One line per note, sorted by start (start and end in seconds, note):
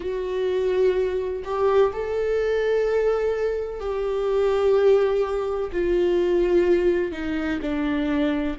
0.00 1.43 F#4
1.44 1.92 G4
1.92 3.80 A4
3.80 5.70 G4
5.71 7.12 F4
7.12 7.59 D#4
7.61 8.56 D4